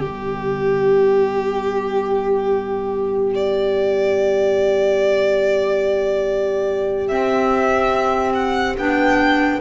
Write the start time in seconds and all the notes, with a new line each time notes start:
0.00 G3 B3 G4
3.35 D5
7.08 C4 E5
8.34 F#5
8.78 B3 D4 G5